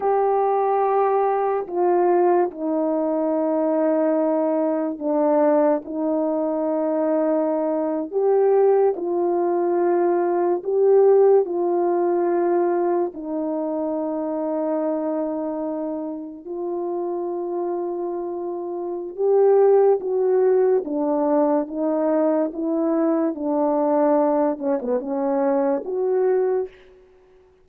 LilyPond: \new Staff \with { instrumentName = "horn" } { \time 4/4 \tempo 4 = 72 g'2 f'4 dis'4~ | dis'2 d'4 dis'4~ | dis'4.~ dis'16 g'4 f'4~ f'16~ | f'8. g'4 f'2 dis'16~ |
dis'2.~ dis'8. f'16~ | f'2. g'4 | fis'4 d'4 dis'4 e'4 | d'4. cis'16 b16 cis'4 fis'4 | }